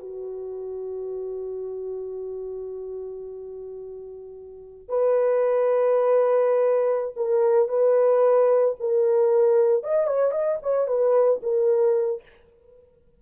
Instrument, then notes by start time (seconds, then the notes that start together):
horn
0.00 F#4
4.88 B4
7.16 A#4
7.69 B4
8.80 A#4
9.83 D#5
10.07 C#5
10.31 D#5
10.62 C#5
10.88 B4
11.43 A#4